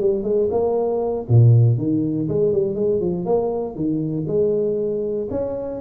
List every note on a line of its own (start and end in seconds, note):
0.00 0.23 G3
0.23 0.48 G#3
0.51 1.27 A#3
1.29 1.78 A#2
1.78 2.28 D#3
2.29 2.53 G#3
2.53 2.75 G3
2.75 3.00 G#3
3.00 3.25 F3
3.25 3.75 A#3
3.75 4.26 D#3
4.27 5.28 G#3
5.31 5.81 C#4